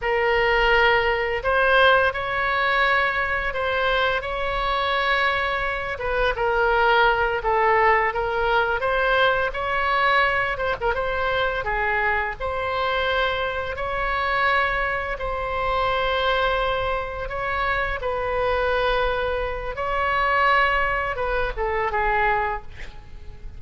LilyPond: \new Staff \with { instrumentName = "oboe" } { \time 4/4 \tempo 4 = 85 ais'2 c''4 cis''4~ | cis''4 c''4 cis''2~ | cis''8 b'8 ais'4. a'4 ais'8~ | ais'8 c''4 cis''4. c''16 ais'16 c''8~ |
c''8 gis'4 c''2 cis''8~ | cis''4. c''2~ c''8~ | c''8 cis''4 b'2~ b'8 | cis''2 b'8 a'8 gis'4 | }